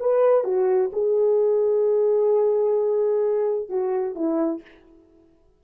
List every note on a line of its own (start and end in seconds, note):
0.00 0.44 B4
0.44 0.91 F#4
0.93 3.69 G#4
3.69 4.15 F#4
4.15 4.62 E4